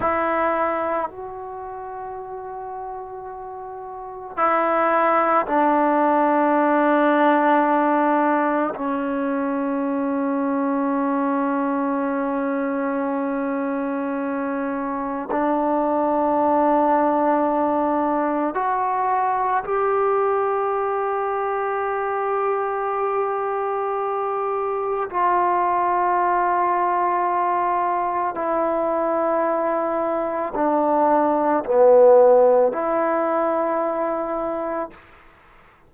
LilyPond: \new Staff \with { instrumentName = "trombone" } { \time 4/4 \tempo 4 = 55 e'4 fis'2. | e'4 d'2. | cis'1~ | cis'2 d'2~ |
d'4 fis'4 g'2~ | g'2. f'4~ | f'2 e'2 | d'4 b4 e'2 | }